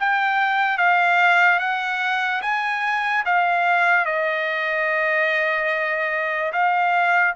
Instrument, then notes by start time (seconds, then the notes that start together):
trumpet
0.00 G5
0.78 F5
1.60 F#5
2.42 G#5
3.25 F5
4.06 D#5
6.53 F5